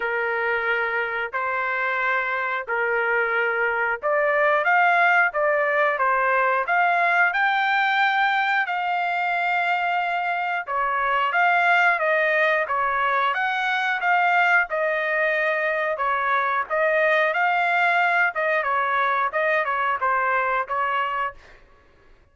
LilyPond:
\new Staff \with { instrumentName = "trumpet" } { \time 4/4 \tempo 4 = 90 ais'2 c''2 | ais'2 d''4 f''4 | d''4 c''4 f''4 g''4~ | g''4 f''2. |
cis''4 f''4 dis''4 cis''4 | fis''4 f''4 dis''2 | cis''4 dis''4 f''4. dis''8 | cis''4 dis''8 cis''8 c''4 cis''4 | }